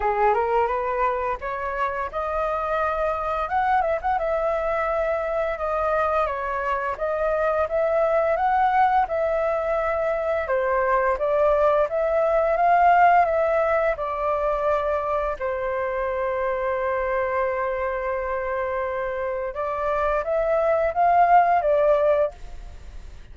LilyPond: \new Staff \with { instrumentName = "flute" } { \time 4/4 \tempo 4 = 86 gis'8 ais'8 b'4 cis''4 dis''4~ | dis''4 fis''8 e''16 fis''16 e''2 | dis''4 cis''4 dis''4 e''4 | fis''4 e''2 c''4 |
d''4 e''4 f''4 e''4 | d''2 c''2~ | c''1 | d''4 e''4 f''4 d''4 | }